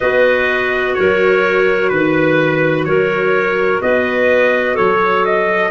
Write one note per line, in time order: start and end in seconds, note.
0.00 0.97 B3
0.00 5.71 F#4
0.00 0.94 B4
0.00 0.94 D#5
0.94 1.91 F#3
0.94 1.92 A#4
0.94 1.88 C#5
1.88 2.85 D#3
1.88 2.84 B4
1.88 2.87 B4
2.84 3.80 F#3
2.84 3.83 A#4
2.84 3.80 C#5
3.81 4.78 B3
3.81 4.74 B4
3.81 4.76 D#5
4.74 5.71 F#3
4.74 5.70 A4
4.74 5.24 C#5
5.25 5.71 D#5